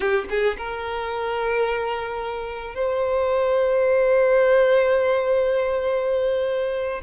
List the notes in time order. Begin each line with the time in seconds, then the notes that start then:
0.00 G4
0.29 G#4
0.57 A#4
2.74 C5